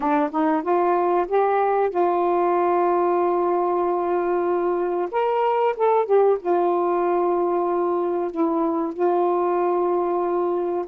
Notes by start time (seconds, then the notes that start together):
0.00 D4
0.31 D#4
0.62 F4
1.27 G4
1.90 F4
5.11 A#4
5.76 A4
6.05 G4
6.39 F4
8.31 E4
8.93 F4